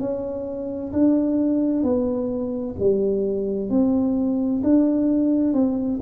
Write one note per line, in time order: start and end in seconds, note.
0.00 0.92 C#4
0.93 1.83 D4
1.83 2.75 B3
2.79 3.70 G3
3.70 4.62 C4
4.63 5.53 D4
5.53 6.00 C4